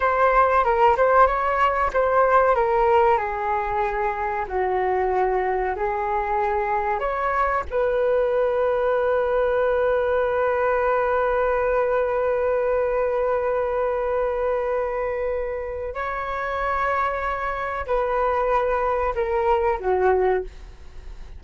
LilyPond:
\new Staff \with { instrumentName = "flute" } { \time 4/4 \tempo 4 = 94 c''4 ais'8 c''8 cis''4 c''4 | ais'4 gis'2 fis'4~ | fis'4 gis'2 cis''4 | b'1~ |
b'1~ | b'1~ | b'4 cis''2. | b'2 ais'4 fis'4 | }